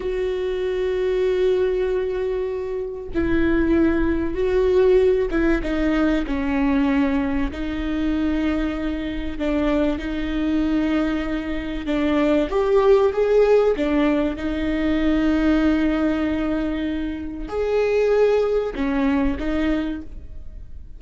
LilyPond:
\new Staff \with { instrumentName = "viola" } { \time 4/4 \tempo 4 = 96 fis'1~ | fis'4 e'2 fis'4~ | fis'8 e'8 dis'4 cis'2 | dis'2. d'4 |
dis'2. d'4 | g'4 gis'4 d'4 dis'4~ | dis'1 | gis'2 cis'4 dis'4 | }